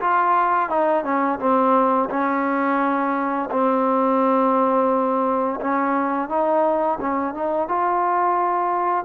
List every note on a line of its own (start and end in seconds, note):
0.00 0.69 F4
0.69 1.04 D#4
1.04 1.39 C#4
1.39 2.09 C4
2.10 3.49 C#4
3.50 5.60 C4
5.60 6.29 C#4
6.29 6.98 D#4
7.00 7.34 C#4
7.34 7.68 D#4
7.68 9.05 F4